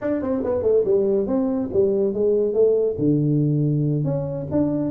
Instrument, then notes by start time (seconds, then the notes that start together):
tuba
0.01 D4
0.21 C4
0.44 B3
0.62 A3
0.84 G3
1.27 C4
1.73 G3
2.13 G#3
2.53 A3
2.98 D3
4.04 C#4
4.51 D4